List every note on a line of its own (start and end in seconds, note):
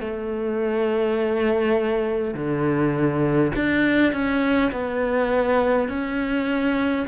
0.00 2.34 A3
2.34 3.52 D3
3.56 4.13 D4
4.13 4.72 C#4
4.72 5.89 B3
5.89 7.06 C#4